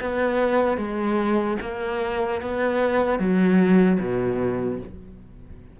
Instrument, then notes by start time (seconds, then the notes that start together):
cello
0.00 B3
0.77 G#3
1.61 A#3
2.41 B3
3.19 F#3
4.00 B2